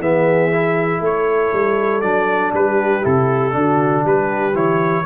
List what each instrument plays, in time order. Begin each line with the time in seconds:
0.00 tuba E3, trombone B3, horn G#4, trumpet E5
0.53 trombone E4
1.01 tuba A3, horn A4, trumpet C#5
1.54 tuba G3
2.02 tuba F#3, trombone D4, trumpet D5
2.54 tuba G3, horn G4, trumpet B4
3.02 tuba C3, trombone E4, trumpet A4
3.52 tuba D3, trombone D4, horn F#4
4.04 tuba G3, horn G4, trumpet B4
4.55 tuba E3, trombone E4, trumpet C#5